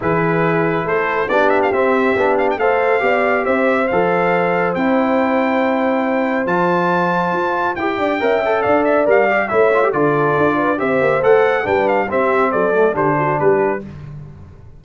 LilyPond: <<
  \new Staff \with { instrumentName = "trumpet" } { \time 4/4 \tempo 4 = 139 b'2 c''4 d''8 e''16 f''16 | e''4. f''16 g''16 f''2 | e''4 f''2 g''4~ | g''2. a''4~ |
a''2 g''2 | f''8 e''8 f''4 e''4 d''4~ | d''4 e''4 fis''4 g''8 f''8 | e''4 d''4 c''4 b'4 | }
  \new Staff \with { instrumentName = "horn" } { \time 4/4 gis'2 a'4 g'4~ | g'2 c''4 d''4 | c''1~ | c''1~ |
c''2~ c''8 d''8 e''4 | d''2 cis''4 a'4~ | a'8 b'8 c''2 b'4 | g'4 a'4 g'8 fis'8 g'4 | }
  \new Staff \with { instrumentName = "trombone" } { \time 4/4 e'2. d'4 | c'4 d'4 a'4 g'4~ | g'4 a'2 e'4~ | e'2. f'4~ |
f'2 g'4 ais'8 a'8~ | a'4 ais'8 g'8 e'8 f'16 g'16 f'4~ | f'4 g'4 a'4 d'4 | c'4. a8 d'2 | }
  \new Staff \with { instrumentName = "tuba" } { \time 4/4 e2 a4 b4 | c'4 b4 a4 b4 | c'4 f2 c'4~ | c'2. f4~ |
f4 f'4 e'8 d'8 cis'4 | d'4 g4 a4 d4 | d'4 c'8 ais8 a4 g4 | c'4 fis4 d4 g4 | }
>>